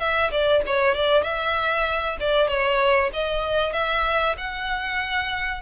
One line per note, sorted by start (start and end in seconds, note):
0.00 0.31 E5
0.32 0.63 D5
0.67 0.95 C#5
0.95 1.24 D5
1.24 2.17 E5
2.20 2.48 D5
2.48 3.11 C#5
3.14 3.73 D#5
3.73 4.36 E5
4.38 5.62 F#5